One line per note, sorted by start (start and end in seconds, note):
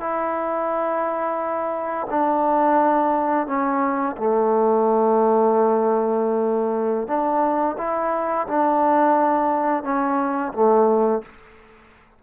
0.00 2.07 E4
2.10 3.47 D4
3.47 4.16 C#4
4.17 7.07 A3
7.07 7.76 D4
7.78 8.47 E4
8.47 9.83 D4
9.83 10.52 C#4
10.53 11.22 A3